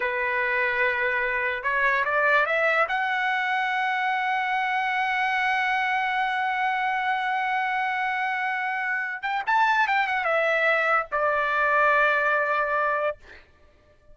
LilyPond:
\new Staff \with { instrumentName = "trumpet" } { \time 4/4 \tempo 4 = 146 b'1 | cis''4 d''4 e''4 fis''4~ | fis''1~ | fis''1~ |
fis''1~ | fis''2~ fis''8 g''8 a''4 | g''8 fis''8 e''2 d''4~ | d''1 | }